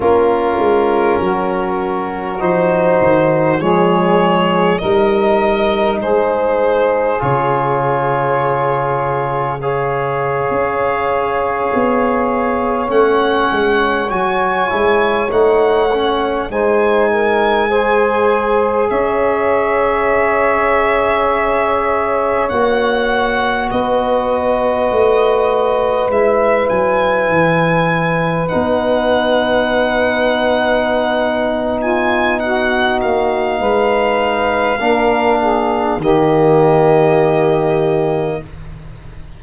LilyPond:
<<
  \new Staff \with { instrumentName = "violin" } { \time 4/4 \tempo 4 = 50 ais'2 c''4 cis''4 | dis''4 c''4 cis''2 | f''2~ f''8. fis''4 gis''16~ | gis''8. fis''4 gis''2 e''16~ |
e''2~ e''8. fis''4 dis''16~ | dis''4.~ dis''16 e''8 gis''4. fis''16~ | fis''2~ fis''8 gis''8 fis''8 f''8~ | f''2 dis''2 | }
  \new Staff \with { instrumentName = "saxophone" } { \time 4/4 f'4 fis'2 gis'4 | ais'4 gis'2. | cis''1~ | cis''4.~ cis''16 c''8 ais'8 c''4 cis''16~ |
cis''2.~ cis''8. b'16~ | b'1~ | b'2~ b'8 f'8 fis'4 | b'4 ais'8 gis'8 g'2 | }
  \new Staff \with { instrumentName = "trombone" } { \time 4/4 cis'2 dis'4 gis4 | dis'2 f'2 | gis'2~ gis'8. cis'4 fis'16~ | fis'16 e'8 dis'8 cis'8 dis'4 gis'4~ gis'16~ |
gis'2~ gis'8. fis'4~ fis'16~ | fis'4.~ fis'16 e'2 dis'16~ | dis'1~ | dis'4 d'4 ais2 | }
  \new Staff \with { instrumentName = "tuba" } { \time 4/4 ais8 gis8 fis4 f8 dis8 f4 | g4 gis4 cis2~ | cis8. cis'4 b4 a8 gis8 fis16~ | fis16 gis8 a4 gis2 cis'16~ |
cis'2~ cis'8. ais4 b16~ | b8. a4 gis8 fis8 e4 b16~ | b2.~ b8 ais8 | gis4 ais4 dis2 | }
>>